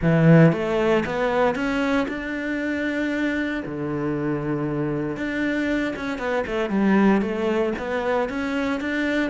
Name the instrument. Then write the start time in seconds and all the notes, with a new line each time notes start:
cello
0.02 E3
0.52 A3
1.05 B3
1.55 C#4
2.08 D4
3.65 D3
5.16 D4
5.96 C#4
6.18 B3
6.46 A3
6.69 G3
7.21 A3
7.78 B3
8.29 C#4
8.80 D4